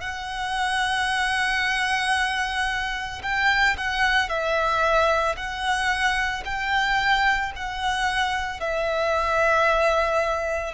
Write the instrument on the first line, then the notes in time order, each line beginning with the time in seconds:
violin
0.00 F#5
3.22 G5
3.77 F#5
4.29 E5
5.36 F#5
6.45 G5
7.55 F#5
8.60 E5